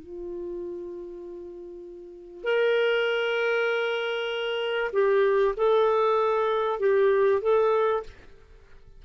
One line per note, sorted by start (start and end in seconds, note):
0.00 2.44 F4
2.44 4.92 A#4
4.93 5.55 G4
5.57 6.80 A4
6.80 7.42 G4
7.42 8.04 A4